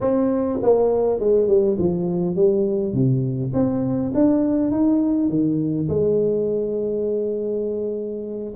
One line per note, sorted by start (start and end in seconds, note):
0.01 0.59 C4
0.62 1.19 A#3
1.19 1.47 G#3
1.47 1.76 G3
1.78 2.35 F3
2.35 2.93 G3
2.93 3.52 C3
3.53 4.12 C4
4.14 4.71 D4
4.71 5.29 D#4
5.29 5.88 D#3
5.88 8.53 G#3